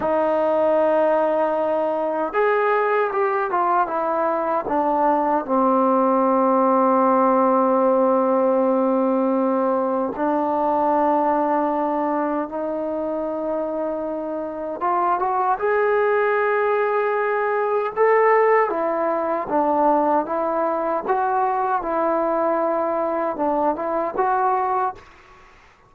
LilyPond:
\new Staff \with { instrumentName = "trombone" } { \time 4/4 \tempo 4 = 77 dis'2. gis'4 | g'8 f'8 e'4 d'4 c'4~ | c'1~ | c'4 d'2. |
dis'2. f'8 fis'8 | gis'2. a'4 | e'4 d'4 e'4 fis'4 | e'2 d'8 e'8 fis'4 | }